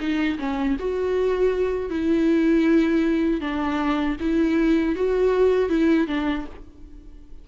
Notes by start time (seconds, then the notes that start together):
0.00 D#4
0.39 C#4
0.79 F#4
1.90 E4
3.41 D4
4.20 E4
4.96 F#4
5.69 E4
6.07 D4